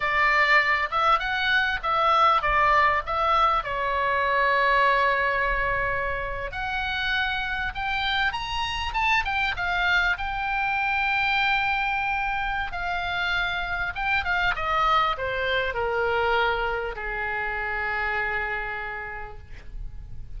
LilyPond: \new Staff \with { instrumentName = "oboe" } { \time 4/4 \tempo 4 = 99 d''4. e''8 fis''4 e''4 | d''4 e''4 cis''2~ | cis''2~ cis''8. fis''4~ fis''16~ | fis''8. g''4 ais''4 a''8 g''8 f''16~ |
f''8. g''2.~ g''16~ | g''4 f''2 g''8 f''8 | dis''4 c''4 ais'2 | gis'1 | }